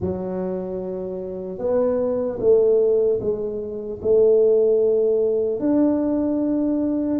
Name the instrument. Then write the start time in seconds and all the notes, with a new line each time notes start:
tuba
0.00 F#3
1.58 B3
2.39 A3
3.20 G#3
4.01 A3
5.59 D4